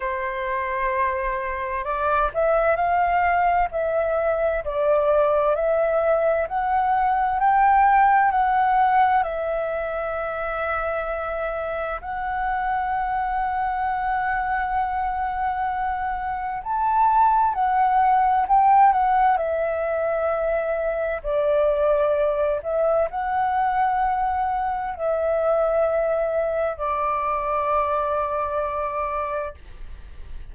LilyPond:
\new Staff \with { instrumentName = "flute" } { \time 4/4 \tempo 4 = 65 c''2 d''8 e''8 f''4 | e''4 d''4 e''4 fis''4 | g''4 fis''4 e''2~ | e''4 fis''2.~ |
fis''2 a''4 fis''4 | g''8 fis''8 e''2 d''4~ | d''8 e''8 fis''2 e''4~ | e''4 d''2. | }